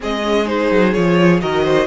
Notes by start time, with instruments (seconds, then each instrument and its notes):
0.00 cello G#3, viola C4, violin G#4 D#5
0.23 viola C#4
0.45 viola D#4, violin C5
0.71 cello F#3
0.93 cello F3, viola F4, violin C#5
1.40 cello D#3, viola F#4, violin A#4 D#5
1.63 violin C5